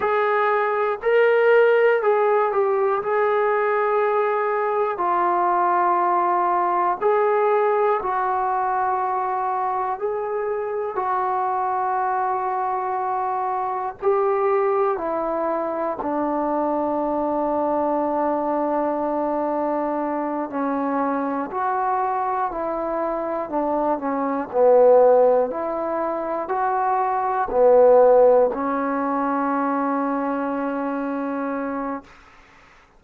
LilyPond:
\new Staff \with { instrumentName = "trombone" } { \time 4/4 \tempo 4 = 60 gis'4 ais'4 gis'8 g'8 gis'4~ | gis'4 f'2 gis'4 | fis'2 gis'4 fis'4~ | fis'2 g'4 e'4 |
d'1~ | d'8 cis'4 fis'4 e'4 d'8 | cis'8 b4 e'4 fis'4 b8~ | b8 cis'2.~ cis'8 | }